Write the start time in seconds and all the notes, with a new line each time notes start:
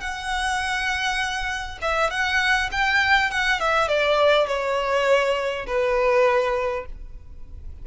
0.00 F#5
1.81 E5
2.10 F#5
2.71 G5
3.31 F#5
3.60 E5
3.88 D5
4.47 C#5
5.67 B4